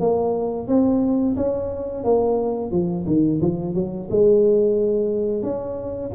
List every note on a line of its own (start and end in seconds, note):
0.00 0.68 A#3
0.68 1.36 C4
1.36 2.04 C#4
2.04 2.71 A#3
2.71 3.05 F3
3.07 3.41 D#3
3.41 3.74 F3
3.74 4.08 F#3
4.10 5.43 G#3
5.43 6.11 C#4